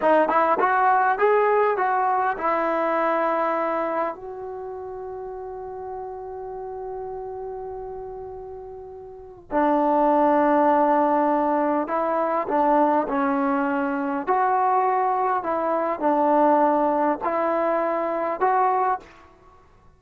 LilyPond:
\new Staff \with { instrumentName = "trombone" } { \time 4/4 \tempo 4 = 101 dis'8 e'8 fis'4 gis'4 fis'4 | e'2. fis'4~ | fis'1~ | fis'1 |
d'1 | e'4 d'4 cis'2 | fis'2 e'4 d'4~ | d'4 e'2 fis'4 | }